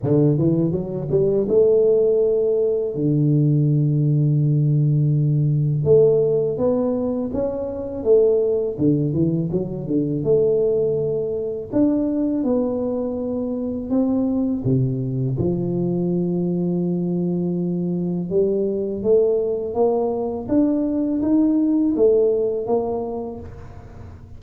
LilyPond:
\new Staff \with { instrumentName = "tuba" } { \time 4/4 \tempo 4 = 82 d8 e8 fis8 g8 a2 | d1 | a4 b4 cis'4 a4 | d8 e8 fis8 d8 a2 |
d'4 b2 c'4 | c4 f2.~ | f4 g4 a4 ais4 | d'4 dis'4 a4 ais4 | }